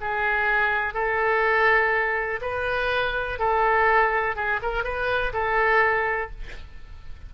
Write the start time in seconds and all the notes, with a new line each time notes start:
0.00 G#4
0.93 A4
2.41 B4
3.39 A4
4.35 G#4
4.62 A#4
4.84 B4
5.32 A4